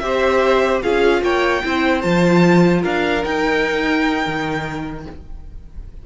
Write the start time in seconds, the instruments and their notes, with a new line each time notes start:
0.00 cello C4, viola G4, violin C5 E5
0.83 cello C#4, viola F4, violin G#4 F5
1.22 cello A#3, violin C#5 G5
1.64 cello C4, viola E4, violin C5
2.02 cello F3, viola F4, violin A5
2.82 cello D4, violin A#4 F5
3.22 viola D#4, cello D#4, violin G5
4.27 cello D#3